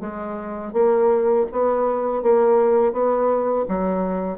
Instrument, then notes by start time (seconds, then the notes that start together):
bassoon
0.00 G#3
0.73 A#3
1.52 B3
2.23 A#3
2.92 B3
3.69 F#3